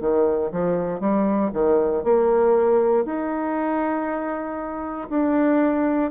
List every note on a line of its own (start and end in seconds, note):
0.00 0.51 D#3
0.51 1.00 F3
1.00 1.51 G3
1.53 2.03 D#3
2.03 3.05 A#3
3.05 5.08 D#4
5.09 6.11 D4